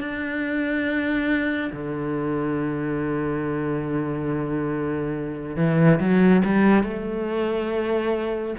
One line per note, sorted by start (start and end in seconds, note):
0.00 1.71 D4
1.73 5.57 D3
5.57 6.00 E3
6.00 6.43 F#3
6.45 6.84 G3
6.84 8.55 A3